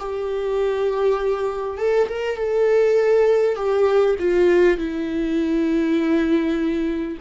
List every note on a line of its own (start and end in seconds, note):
0.00 1.78 G4
1.78 2.08 A4
2.09 2.37 A#4
2.37 3.56 A4
3.56 4.16 G4
4.19 4.78 F4
4.78 7.18 E4